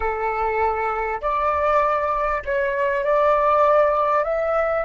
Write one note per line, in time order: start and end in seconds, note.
0.00 1.20 A4
1.21 2.42 D5
2.45 3.04 C#5
3.04 4.24 D5
4.24 4.84 E5